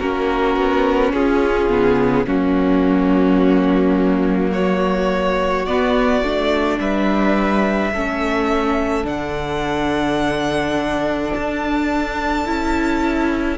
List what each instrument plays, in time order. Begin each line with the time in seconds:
0.00 cello A#3, viola C#4, violin F#4 A#4
0.57 cello B3
1.13 cello C#4, violin F4 G#4
1.70 cello C#3, viola B3
2.25 cello F#3, viola A#3, violin C#4 F#4
4.52 violin F#4 C#5
5.67 cello B3, viola B3, violin D5
6.22 cello A3, viola D4
6.80 cello G3, violin B4 E5
7.93 cello A3, viola C#4, violin A4
9.04 cello D3, viola D4, violin F#5
11.34 cello D4, violin A5
12.46 cello C#4, viola E4